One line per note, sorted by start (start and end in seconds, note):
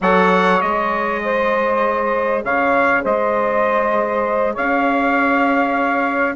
0.00 0.61 F#3
0.00 0.61 A4
0.00 1.21 C#5
0.00 0.61 F#5
0.61 2.44 G#3
0.61 6.36 G#4
0.61 2.43 D#5
1.24 2.44 C5
2.44 3.04 C#3
2.44 3.03 C#5
2.44 3.04 F5
3.03 4.56 G#3
3.03 4.53 C5
3.03 4.56 D#5
4.53 6.36 C#4
4.53 6.35 C#5
4.53 6.36 F5